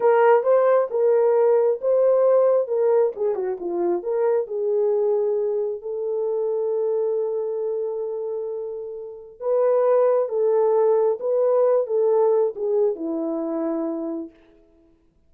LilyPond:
\new Staff \with { instrumentName = "horn" } { \time 4/4 \tempo 4 = 134 ais'4 c''4 ais'2 | c''2 ais'4 gis'8 fis'8 | f'4 ais'4 gis'2~ | gis'4 a'2.~ |
a'1~ | a'4 b'2 a'4~ | a'4 b'4. a'4. | gis'4 e'2. | }